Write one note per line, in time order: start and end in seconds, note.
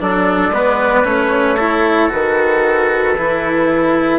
0.00 0.51 F#3
0.00 0.53 D4
0.00 0.55 A4
0.00 1.06 D5
0.51 1.03 G#3
0.51 1.05 B3
0.51 1.57 B4
1.04 2.10 A3
1.04 1.58 C#4
1.04 2.11 C#5
1.57 2.10 E4
1.57 4.20 A4
2.10 3.18 D#3
2.10 3.15 F#4
2.10 4.20 B4
3.18 4.20 E3
3.18 4.20 E4